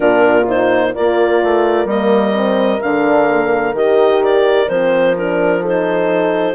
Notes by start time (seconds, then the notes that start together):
0.00 A#2 D4 F4 A#4
0.47 D#4 C5
0.94 A#3 F4 A#4 D5
1.43 A3
1.85 G3 A#3 D#5
2.32 C4
2.81 D3 D4 F5
3.29 A#3
3.73 D#3 G4 D#5
4.23 D5
4.68 F3 C4 C5
5.16 D4 A#4
5.61 D#4 A4 C5